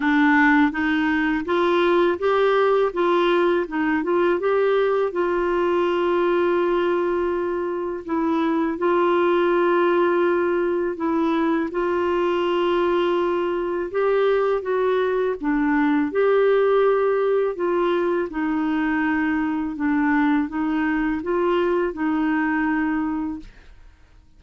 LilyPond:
\new Staff \with { instrumentName = "clarinet" } { \time 4/4 \tempo 4 = 82 d'4 dis'4 f'4 g'4 | f'4 dis'8 f'8 g'4 f'4~ | f'2. e'4 | f'2. e'4 |
f'2. g'4 | fis'4 d'4 g'2 | f'4 dis'2 d'4 | dis'4 f'4 dis'2 | }